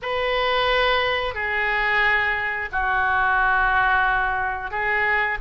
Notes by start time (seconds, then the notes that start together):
0.02 B4
1.34 G#4
2.72 F#4
4.70 G#4